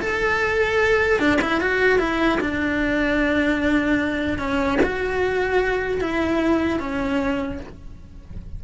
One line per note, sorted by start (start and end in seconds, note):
0.00 1.19 A4
1.19 1.39 D4
1.41 1.60 E4
1.60 1.98 F#4
1.98 2.38 E4
2.40 4.38 D4
4.38 4.78 C#4
4.83 6.00 F#4
6.00 6.79 E4
6.79 7.59 C#4